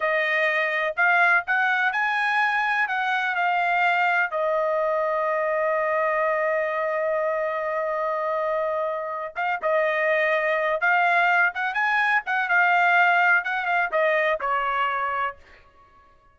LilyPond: \new Staff \with { instrumentName = "trumpet" } { \time 4/4 \tempo 4 = 125 dis''2 f''4 fis''4 | gis''2 fis''4 f''4~ | f''4 dis''2.~ | dis''1~ |
dis''2.~ dis''8 f''8 | dis''2~ dis''8 f''4. | fis''8 gis''4 fis''8 f''2 | fis''8 f''8 dis''4 cis''2 | }